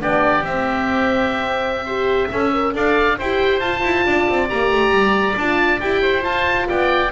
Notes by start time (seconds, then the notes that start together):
0.00 B3 D4 G4 D5
0.42 C4 E5
1.85 G4 C5
2.29 C#4 A4 E5
2.53 A#4
2.73 D4 A4 D5 F5
3.18 E4 G4 C5 G5
3.60 F4 A5
3.83 E4
4.06 D4 D5
4.29 C4
4.48 A#3 G4 A#5
4.71 A3
4.91 G3
5.37 D4 F4 A5
5.80 E4 G4 G5
6.02 C5
6.21 F4 A5
6.69 B3 D5 G5